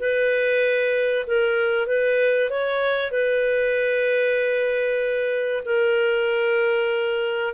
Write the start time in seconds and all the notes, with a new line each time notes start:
0.00 B4
1.27 A#4
1.87 B4
2.50 C#5
3.11 B4
5.66 A#4